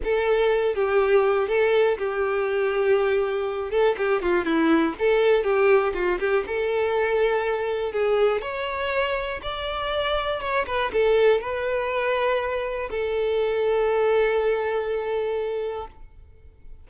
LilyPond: \new Staff \with { instrumentName = "violin" } { \time 4/4 \tempo 4 = 121 a'4. g'4. a'4 | g'2.~ g'8 a'8 | g'8 f'8 e'4 a'4 g'4 | f'8 g'8 a'2. |
gis'4 cis''2 d''4~ | d''4 cis''8 b'8 a'4 b'4~ | b'2 a'2~ | a'1 | }